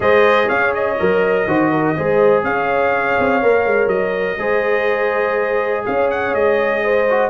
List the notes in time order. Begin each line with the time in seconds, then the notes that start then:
0.00 G#3 G#4 C5 D#5
0.47 C#4 C#5 F5
0.74 D#5
0.99 F#3 A#4
1.47 D#3 F#4 C5
1.71 A#4
1.96 G#3 G#4 C5
2.43 C#4 C#5 F5
3.18 C4
3.42 A#3 A#4
3.65 G#3
3.86 F#3 D#5
4.38 G#3 G#4 C5
5.85 C#4 C#5 F5
6.10 F#5
6.34 G#3 D#5
6.83 C5
7.09 F#4